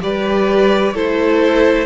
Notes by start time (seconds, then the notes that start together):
0.00 G3 G4 B4 D5
0.94 A3 E4 A4 C5